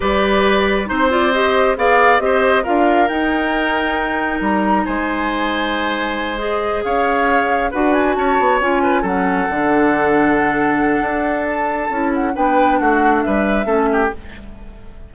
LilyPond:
<<
  \new Staff \with { instrumentName = "flute" } { \time 4/4 \tempo 4 = 136 d''2 c''8 d''8 dis''4 | f''4 dis''4 f''4 g''4~ | g''2 ais''4 gis''4~ | gis''2~ gis''8 dis''4 f''8~ |
f''4. fis''8 gis''8 a''4 gis''8~ | gis''8 fis''2.~ fis''8~ | fis''2 a''4. fis''8 | g''4 fis''4 e''2 | }
  \new Staff \with { instrumentName = "oboe" } { \time 4/4 b'2 c''2 | d''4 c''4 ais'2~ | ais'2. c''4~ | c''2.~ c''8 cis''8~ |
cis''4. b'4 cis''4. | b'8 a'2.~ a'8~ | a'1 | b'4 fis'4 b'4 a'8 g'8 | }
  \new Staff \with { instrumentName = "clarinet" } { \time 4/4 g'2 dis'8 f'8 g'4 | gis'4 g'4 f'4 dis'4~ | dis'1~ | dis'2~ dis'8 gis'4.~ |
gis'4. fis'2 f'8~ | f'8 cis'4 d'2~ d'8~ | d'2. e'4 | d'2. cis'4 | }
  \new Staff \with { instrumentName = "bassoon" } { \time 4/4 g2 c'2 | b4 c'4 d'4 dis'4~ | dis'2 g4 gis4~ | gis2.~ gis8 cis'8~ |
cis'4. d'4 cis'8 b8 cis'8~ | cis'8 fis4 d2~ d8~ | d4 d'2 cis'4 | b4 a4 g4 a4 | }
>>